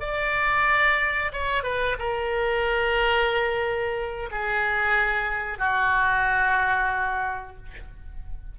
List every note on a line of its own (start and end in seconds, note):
0.00 1.32 D5
1.32 1.63 C#5
1.63 1.96 B4
1.99 4.29 A#4
4.31 5.58 G#4
5.58 7.56 F#4